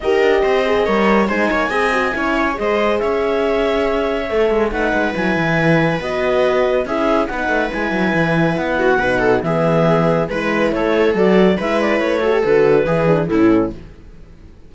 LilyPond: <<
  \new Staff \with { instrumentName = "clarinet" } { \time 4/4 \tempo 4 = 140 dis''2. gis''4~ | gis''2 dis''4 e''4~ | e''2. fis''4 | gis''2 dis''2 |
e''4 fis''4 gis''2 | fis''2 e''2 | b'4 cis''4 d''4 e''8 d''8 | cis''4 b'2 a'4 | }
  \new Staff \with { instrumentName = "viola" } { \time 4/4 ais'4 c''4 cis''4 c''8 cis''8 | dis''4 cis''4 c''4 cis''4~ | cis''2. b'4~ | b'1 |
gis'4 b'2.~ | b'8 fis'8 b'8 a'8 gis'2 | b'4 a'2 b'4~ | b'8 a'4. gis'4 e'4 | }
  \new Staff \with { instrumentName = "horn" } { \time 4/4 g'4. gis'8 ais'4 dis'4 | gis'8 fis'8 e'4 gis'2~ | gis'2 a'4 dis'4 | e'2 fis'2 |
e'4 dis'4 e'2~ | e'4 dis'4 b2 | e'2 fis'4 e'4~ | e'8 fis'16 g'16 fis'4 e'8 d'8 cis'4 | }
  \new Staff \with { instrumentName = "cello" } { \time 4/4 dis'8 d'8 c'4 g4 gis8 ais8 | c'4 cis'4 gis4 cis'4~ | cis'2 a8 gis8 a8 gis8 | fis8 e4. b2 |
cis'4 b8 a8 gis8 fis8 e4 | b4 b,4 e2 | gis4 a4 fis4 gis4 | a4 d4 e4 a,4 | }
>>